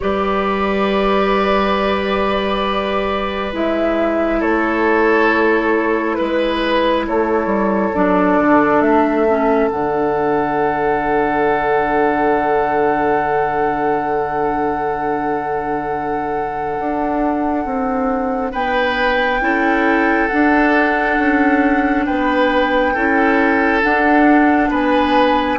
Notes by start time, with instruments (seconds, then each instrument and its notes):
0.00 bassoon G3, clarinet G4, oboe B4, flute D5
3.52 bassoon G#3, clarinet E4, flute E5
4.39 bassoon A3, oboe A4, flute C#5
6.14 bassoon G#3, flute B4, oboe B4
7.07 bassoon A3, oboe A4, flute C#5
7.45 bassoon G3
7.94 bassoon F#3, clarinet D4, flute D5
8.38 bassoon D3
8.80 bassoon A3, flute E5
9.29 clarinet C#4
9.70 bassoon D3, clarinet D4, flute F#5
16.79 bassoon D4
17.65 bassoon C4
18.51 bassoon B3, oboe B4, flute G5
19.40 bassoon C#4, clarinet E4, oboe A4
20.27 clarinet D4, bassoon D4, flute F#5
21.17 bassoon C#4
22.05 bassoon B3, oboe B4, flute G5
22.93 bassoon C#4, clarinet E4, oboe A4
23.82 clarinet D4, bassoon D4, flute F#5
24.69 bassoon B3, oboe B4, flute G#5